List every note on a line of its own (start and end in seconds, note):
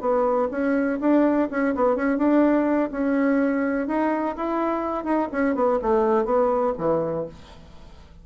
0.00 0.48 B3
0.51 0.99 C#4
1.00 1.48 D4
1.50 1.74 C#4
1.75 1.95 B3
1.95 2.18 C#4
2.18 2.90 D4
2.91 3.87 C#4
3.87 4.35 D#4
4.36 5.04 E4
5.04 5.28 D#4
5.31 5.55 C#4
5.55 5.79 B3
5.81 6.25 A3
6.25 6.73 B3
6.77 7.25 E3